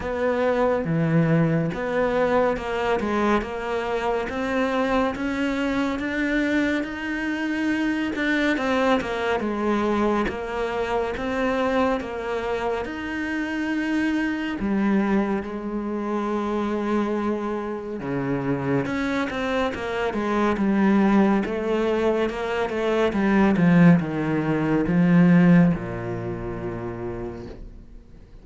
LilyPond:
\new Staff \with { instrumentName = "cello" } { \time 4/4 \tempo 4 = 70 b4 e4 b4 ais8 gis8 | ais4 c'4 cis'4 d'4 | dis'4. d'8 c'8 ais8 gis4 | ais4 c'4 ais4 dis'4~ |
dis'4 g4 gis2~ | gis4 cis4 cis'8 c'8 ais8 gis8 | g4 a4 ais8 a8 g8 f8 | dis4 f4 ais,2 | }